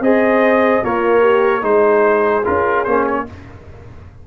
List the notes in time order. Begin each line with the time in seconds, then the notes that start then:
0.00 C4 G#4 C5 D#5
0.84 A#3 F4 A#4 C#5
1.21 G4
1.60 G#3 D#4 G#4 C5
2.45 C#4 F4 A#4
2.85 A#3 C#4 C5
3.06 C#5